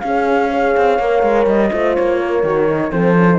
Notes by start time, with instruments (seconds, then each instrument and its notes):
0.00 horn C#4 G#4, cello C#4, flute F5
0.51 horn G#4 C#5
0.77 cello C4
0.99 cello A#3, horn A#4
1.23 cello G#3
1.46 cello G3, flute D#5
1.71 cello A3, horn F4 C5
1.95 cello A#3, flute C#5
2.20 horn A#4
2.43 cello D#3, horn F#4
2.69 horn D#4
2.91 cello F3, horn C4 A4, flute C5
3.16 horn C#4
3.33 horn D#4